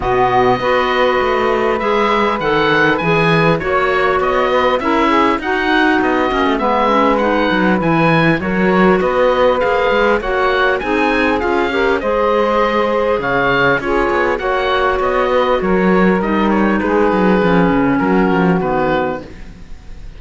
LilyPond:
<<
  \new Staff \with { instrumentName = "oboe" } { \time 4/4 \tempo 4 = 100 dis''2. e''4 | fis''4 gis''4 cis''4 dis''4 | e''4 fis''4 dis''4 e''4 | fis''4 gis''4 cis''4 dis''4 |
f''4 fis''4 gis''4 f''4 | dis''2 f''4 cis''4 | fis''4 dis''4 cis''4 dis''8 cis''8 | b'2 ais'4 b'4 | }
  \new Staff \with { instrumentName = "saxophone" } { \time 4/4 fis'4 b'2.~ | b'2 cis''4. b'8 | ais'8 gis'8 fis'2 b'4~ | b'2 ais'4 b'4~ |
b'4 cis''4 gis'4. ais'8 | c''2 cis''4 gis'4 | cis''4. b'8 ais'2 | gis'2 fis'2 | }
  \new Staff \with { instrumentName = "clarinet" } { \time 4/4 b4 fis'2 gis'4 | a'4 gis'4 fis'2 | e'4 dis'4. cis'8 b8 cis'8 | dis'4 e'4 fis'2 |
gis'4 fis'4 dis'4 f'8 g'8 | gis'2. f'4 | fis'2. dis'4~ | dis'4 cis'2 b4 | }
  \new Staff \with { instrumentName = "cello" } { \time 4/4 b,4 b4 a4 gis4 | dis4 e4 ais4 b4 | cis'4 dis'4 b8 ais16 a16 gis4~ | gis8 fis8 e4 fis4 b4 |
ais8 gis8 ais4 c'4 cis'4 | gis2 cis4 cis'8 b8 | ais4 b4 fis4 g4 | gis8 fis8 f8 cis8 fis8 f8 dis4 | }
>>